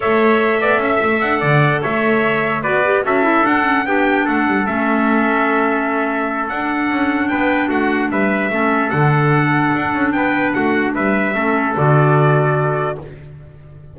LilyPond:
<<
  \new Staff \with { instrumentName = "trumpet" } { \time 4/4 \tempo 4 = 148 e''2. fis''4~ | fis''8 e''2 d''4 e''8~ | e''8 fis''4 g''4 fis''4 e''8~ | e''1 |
fis''2 g''4 fis''4 | e''2 fis''2~ | fis''4 g''4 fis''4 e''4~ | e''4 d''2. | }
  \new Staff \with { instrumentName = "trumpet" } { \time 4/4 cis''4. d''8 e''4. d''8~ | d''8 cis''2 b'4 a'8~ | a'4. g'4 a'4.~ | a'1~ |
a'2 b'4 fis'4 | b'4 a'2.~ | a'4 b'4 fis'4 b'4 | a'1 | }
  \new Staff \with { instrumentName = "clarinet" } { \time 4/4 a'1~ | a'2~ a'8 fis'8 g'8 fis'8 | e'8 d'8 cis'8 d'2 cis'8~ | cis'1 |
d'1~ | d'4 cis'4 d'2~ | d'1 | cis'4 fis'2. | }
  \new Staff \with { instrumentName = "double bass" } { \time 4/4 a4. b8 cis'8 a8 d'8 d8~ | d8 a2 b4 cis'8~ | cis'8 d'4 b4 a8 g8 a8~ | a1 |
d'4 cis'4 b4 a4 | g4 a4 d2 | d'8 cis'8 b4 a4 g4 | a4 d2. | }
>>